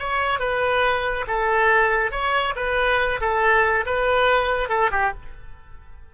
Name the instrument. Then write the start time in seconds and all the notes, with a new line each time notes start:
oboe
0.00 C#5
0.40 B4
1.28 A4
2.12 C#5
2.56 B4
3.21 A4
3.86 B4
4.69 A4
4.92 G4